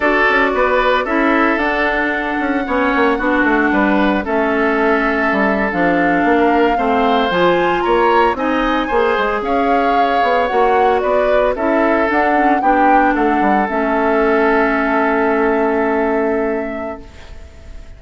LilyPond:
<<
  \new Staff \with { instrumentName = "flute" } { \time 4/4 \tempo 4 = 113 d''2 e''4 fis''4~ | fis''1 | e''2~ e''8. f''4~ f''16~ | f''4.~ f''16 gis''4 ais''4 gis''16~ |
gis''4.~ gis''16 f''2 fis''16~ | fis''8. d''4 e''4 fis''4 g''16~ | g''8. fis''4 e''2~ e''16~ | e''1 | }
  \new Staff \with { instrumentName = "oboe" } { \time 4/4 a'4 b'4 a'2~ | a'4 cis''4 fis'4 b'4 | a'1 | ais'8. c''2 cis''4 dis''16~ |
dis''8. c''4 cis''2~ cis''16~ | cis''8. b'4 a'2 g'16~ | g'8. a'2.~ a'16~ | a'1 | }
  \new Staff \with { instrumentName = "clarinet" } { \time 4/4 fis'2 e'4 d'4~ | d'4 cis'4 d'2 | cis'2~ cis'8. d'4~ d'16~ | d'8. c'4 f'2 dis'16~ |
dis'8. gis'2. fis'16~ | fis'4.~ fis'16 e'4 d'8 cis'8 d'16~ | d'4.~ d'16 cis'2~ cis'16~ | cis'1 | }
  \new Staff \with { instrumentName = "bassoon" } { \time 4/4 d'8 cis'8 b4 cis'4 d'4~ | d'8 cis'8 b8 ais8 b8 a8 g4 | a2 g8. f4 ais16~ | ais8. a4 f4 ais4 c'16~ |
c'8. ais8 gis8 cis'4. b8 ais16~ | ais8. b4 cis'4 d'4 b16~ | b8. a8 g8 a2~ a16~ | a1 | }
>>